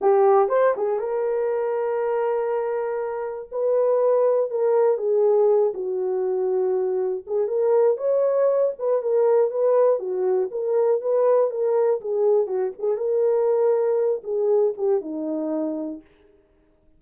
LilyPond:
\new Staff \with { instrumentName = "horn" } { \time 4/4 \tempo 4 = 120 g'4 c''8 gis'8 ais'2~ | ais'2. b'4~ | b'4 ais'4 gis'4. fis'8~ | fis'2~ fis'8 gis'8 ais'4 |
cis''4. b'8 ais'4 b'4 | fis'4 ais'4 b'4 ais'4 | gis'4 fis'8 gis'8 ais'2~ | ais'8 gis'4 g'8 dis'2 | }